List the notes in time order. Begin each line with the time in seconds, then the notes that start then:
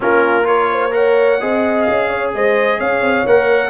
0.00 A#3 C#4 F4 A#4
0.43 F4 A#4 C#5
0.72 C5
0.91 A#4 C#5 F#5
1.40 C4 G#4 D#5
1.82 F5
1.88 C#4
2.09 C#5
2.33 G#3 C5 D#5
2.78 C#4 C#5 F5
3.01 C4
3.25 A#3 A#4 F#5